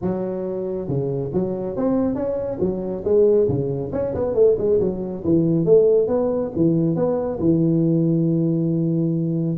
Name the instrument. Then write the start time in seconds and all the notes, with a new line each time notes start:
tuba
0.01 F#3
0.87 C#3
1.33 F#3
1.76 C4
2.15 C#4
2.60 F#3
3.04 G#3
3.48 C#3
3.92 C#4
4.14 B3
4.34 A3
4.58 G#3
4.79 F#3
5.24 E3
5.65 A3
6.07 B3
6.55 E3
6.95 B3
7.39 E3